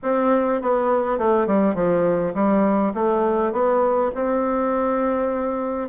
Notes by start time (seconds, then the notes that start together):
0.02 C4
0.61 B3
1.18 A3
1.46 G3
1.74 F3
2.34 G3
2.94 A3
3.52 B3
4.15 C4